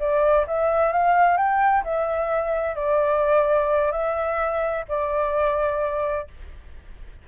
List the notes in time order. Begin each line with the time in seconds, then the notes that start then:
0.00 D5
0.48 E5
0.93 F5
1.38 G5
1.84 E5
2.76 D5
3.92 E5
4.89 D5